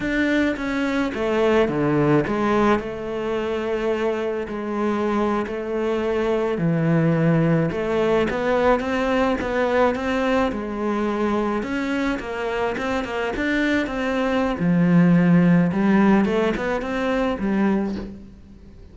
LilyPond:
\new Staff \with { instrumentName = "cello" } { \time 4/4 \tempo 4 = 107 d'4 cis'4 a4 d4 | gis4 a2. | gis4.~ gis16 a2 e16~ | e4.~ e16 a4 b4 c'16~ |
c'8. b4 c'4 gis4~ gis16~ | gis8. cis'4 ais4 c'8 ais8 d'16~ | d'8. c'4~ c'16 f2 | g4 a8 b8 c'4 g4 | }